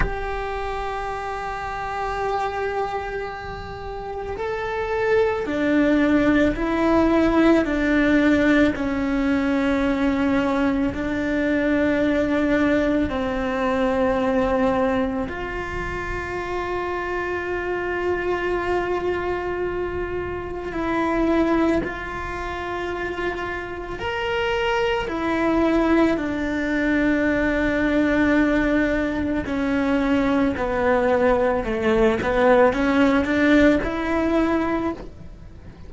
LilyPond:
\new Staff \with { instrumentName = "cello" } { \time 4/4 \tempo 4 = 55 g'1 | a'4 d'4 e'4 d'4 | cis'2 d'2 | c'2 f'2~ |
f'2. e'4 | f'2 ais'4 e'4 | d'2. cis'4 | b4 a8 b8 cis'8 d'8 e'4 | }